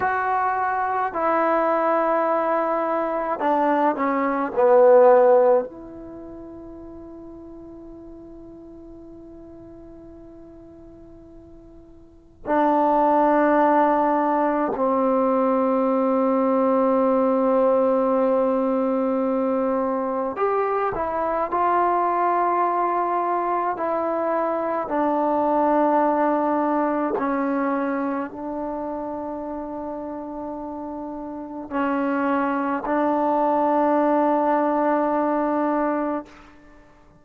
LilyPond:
\new Staff \with { instrumentName = "trombone" } { \time 4/4 \tempo 4 = 53 fis'4 e'2 d'8 cis'8 | b4 e'2.~ | e'2. d'4~ | d'4 c'2.~ |
c'2 g'8 e'8 f'4~ | f'4 e'4 d'2 | cis'4 d'2. | cis'4 d'2. | }